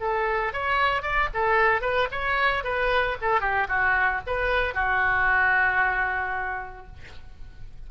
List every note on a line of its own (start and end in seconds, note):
0.00 0.53 A4
0.53 1.02 C#5
1.02 1.29 D5
1.34 1.81 A4
1.81 2.08 B4
2.12 2.64 C#5
2.64 3.17 B4
3.21 3.41 A4
3.41 3.67 G4
3.68 4.21 F#4
4.27 4.74 B4
4.74 6.87 F#4